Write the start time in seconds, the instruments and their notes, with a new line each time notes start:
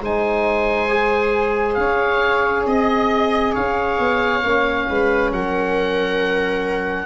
0.00 tuba G#3, trombone D#4, viola C5, oboe G#5
0.88 trombone G#4
1.74 tuba C#4, viola C#5, oboe F5
2.66 tuba C4, viola D#5, oboe D#5
3.52 tuba C#4, viola C#5, oboe F5
3.98 tuba B3
4.42 tuba A#3, trombone C#4
4.89 tuba G#3, viola B4
5.31 tuba F#3, viola A#4, oboe F#5